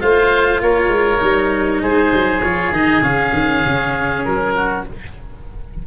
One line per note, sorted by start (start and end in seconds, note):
0.00 0.61 A3
0.00 1.18 F4
0.00 0.61 C5
0.00 0.61 F5
0.61 0.88 A#3
0.61 1.82 A#4
0.61 1.82 C#5
0.88 1.18 G#3
1.18 1.82 G3
1.18 2.40 D#4
1.82 2.12 G#3
1.82 4.55 G#4
1.82 2.42 C5
2.13 2.44 F#3
2.42 2.71 F3
2.42 2.73 F4
2.42 2.72 C#5
2.71 3.01 D#3
2.71 3.02 D#4
2.71 3.03 D#5
3.01 3.31 C#3
3.01 4.84 C#4
3.01 4.24 F5
3.33 3.63 D#3
3.66 4.26 C#3
4.24 4.86 F#3
4.24 4.85 A#4
4.55 4.85 F#4